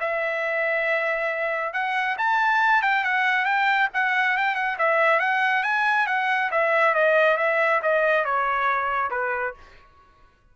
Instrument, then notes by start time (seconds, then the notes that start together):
trumpet
0.00 E5
1.73 F#5
2.18 A5
2.82 G5
3.04 F#5
3.45 G5
3.93 F#5
4.37 G5
4.55 F#5
4.78 E5
5.20 F#5
5.63 G#5
6.07 F#5
6.51 E5
6.94 D#5
7.37 E5
7.82 D#5
8.25 C#5
9.10 B4